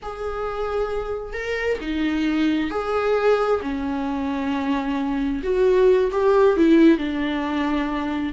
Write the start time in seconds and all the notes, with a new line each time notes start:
0.02 G#4
1.33 A#4
1.80 D#4
2.70 G#4
3.61 C#4
5.43 F#4
6.11 G4
6.57 E4
6.98 D4